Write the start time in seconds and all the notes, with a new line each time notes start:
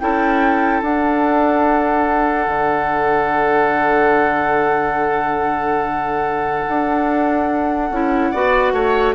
0.00 C#4 E4 A4 G5
0.82 D4 F#5
2.47 D3
6.69 D4
7.91 C#4 E4
8.31 B3 F#4 D5
8.73 A3 C#5